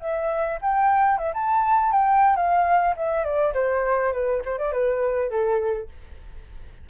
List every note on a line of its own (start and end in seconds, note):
0.00 0.59 E5
0.61 1.18 G5
1.18 1.33 E5
1.34 1.92 A5
1.92 2.36 G5
2.36 2.95 F5
2.96 3.24 E5
3.24 3.53 D5
3.54 4.13 C5
4.13 4.42 B4
4.45 4.58 C5
4.58 4.72 D5
4.72 5.30 B4
5.30 5.89 A4